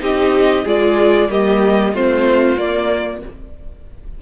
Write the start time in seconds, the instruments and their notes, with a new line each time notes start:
0.00 cello C4, viola D#4, violin G4 D#5
0.64 cello G#3, viola F4, violin G#4 D5
1.29 cello G3, viola A#3, violin G4 D#5
1.93 cello A3, viola C4, violin F4 C5
2.57 viola A#3, cello A#3, violin D5